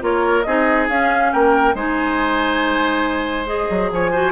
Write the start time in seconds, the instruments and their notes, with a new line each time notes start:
0.00 bassoon A#3, clarinet F4, oboe A#4, flute C#5
0.42 bassoon C4, clarinet D#4, oboe G#4, flute D#5
0.89 bassoon C#4, clarinet C#4, flute F5
1.32 bassoon A#3, oboe A#4, flute G5
1.74 bassoon G#3, clarinet D#4, oboe C5, flute G#5
3.46 clarinet G#4, flute D#5
3.70 bassoon F#3
3.91 bassoon F3, oboe C#5, flute G#5
4.11 clarinet F#4, oboe C5